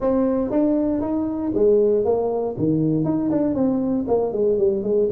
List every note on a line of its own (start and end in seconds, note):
0.00 0.50 C4
0.50 1.01 D4
1.01 1.52 D#4
1.54 2.04 G#3
2.04 2.55 A#3
2.57 3.04 D#3
3.04 3.30 D#4
3.30 3.54 D4
3.54 4.05 C4
4.07 4.32 A#3
4.32 4.57 G#3
4.58 4.83 G3
4.83 5.08 G#3